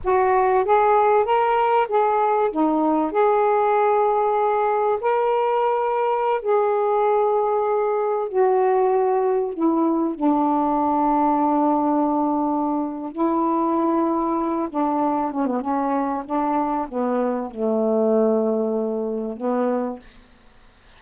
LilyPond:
\new Staff \with { instrumentName = "saxophone" } { \time 4/4 \tempo 4 = 96 fis'4 gis'4 ais'4 gis'4 | dis'4 gis'2. | ais'2~ ais'16 gis'4.~ gis'16~ | gis'4~ gis'16 fis'2 e'8.~ |
e'16 d'2.~ d'8.~ | d'4 e'2~ e'8 d'8~ | d'8 cis'16 b16 cis'4 d'4 b4 | a2. b4 | }